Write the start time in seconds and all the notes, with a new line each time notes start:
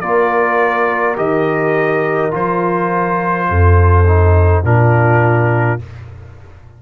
0.00 A#3 F4 A#4 D5
1.15 D#3 G4 D#5
2.31 F3 F4 C5
3.49 F2 A4
4.07 D#4
4.63 A#2 D4 F4 A#4